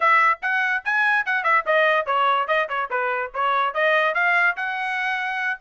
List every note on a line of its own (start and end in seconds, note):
0.00 0.39 E5
0.42 0.83 F#5
0.84 1.25 G#5
1.25 1.43 F#5
1.43 1.64 E5
1.66 2.06 D#5
2.06 2.47 C#5
2.47 2.68 D#5
2.68 2.89 C#5
2.90 3.31 B4
3.33 3.74 C#5
3.74 4.14 D#5
4.14 4.56 F5
4.56 5.59 F#5